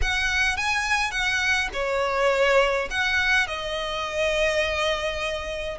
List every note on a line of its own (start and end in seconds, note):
0.01 0.56 F#5
0.56 1.11 G#5
1.11 1.68 F#5
1.73 2.88 C#5
2.90 3.47 F#5
3.47 5.77 D#5